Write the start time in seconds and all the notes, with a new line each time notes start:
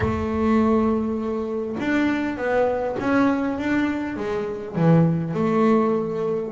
0.00 A3
1.79 D4
2.37 B3
2.99 C#4
3.58 D4
4.16 G#3
4.75 E3
5.34 A3